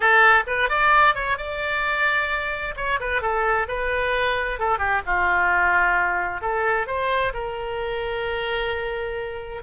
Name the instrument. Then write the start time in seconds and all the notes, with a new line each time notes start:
oboe
0.00 A4
0.47 B4
0.69 D5
1.15 C#5
1.37 D5
2.76 C#5
3.00 B4
3.21 A4
3.68 B4
4.59 A4
4.78 G4
5.06 F4
6.41 A4
6.87 C5
7.33 A#4